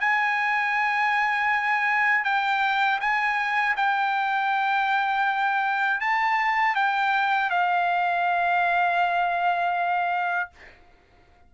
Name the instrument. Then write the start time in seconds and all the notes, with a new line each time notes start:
trumpet
0.00 G#5
2.24 G5
3.00 G#5
3.76 G5
6.00 A5
6.75 G5
7.50 F5